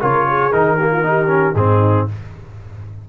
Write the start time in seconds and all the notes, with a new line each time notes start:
0.00 C#3 F4 A#4 C#5
0.26 G#4
0.52 D#3 D#4 A#4
0.76 A#3 G4
0.92 F4
1.03 D#4 G4
1.27 C#4
1.54 G#2 C4 D#4 G#4